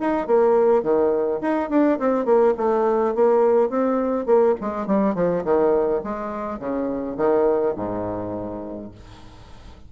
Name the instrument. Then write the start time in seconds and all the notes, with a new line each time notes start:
bassoon
0.00 D#4
0.27 A#3
0.83 D#3
1.41 D#4
1.70 D4
1.99 C4
2.25 A#3
2.57 A3
3.15 A#3
3.70 C4
4.26 A#3
4.61 G#3
4.87 G3
5.15 F3
5.44 D#3
6.04 G#3
6.59 C#3
7.17 D#3
7.76 G#2